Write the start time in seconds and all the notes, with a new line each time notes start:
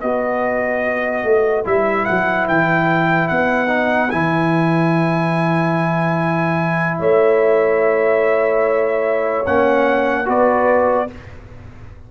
0.00 B3 F#4 B4 D#5
1.24 A3
1.65 G3 E4 E5
2.06 F#3 F#5
2.48 E3 G5
3.29 B3 F#5
3.68 D#4
4.11 E3 E4 G#5
6.99 A3 C#5 E5
9.47 A#3 C#4 F#5
10.26 B3 F#4 B4 D5